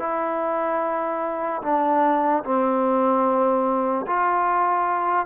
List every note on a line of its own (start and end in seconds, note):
0.00 1.62 E4
1.63 2.44 D4
2.44 4.07 C4
4.07 5.27 F4